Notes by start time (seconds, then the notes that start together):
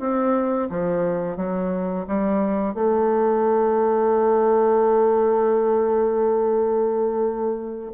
0.00 C4
0.70 F3
1.37 F#3
2.08 G3
2.74 A3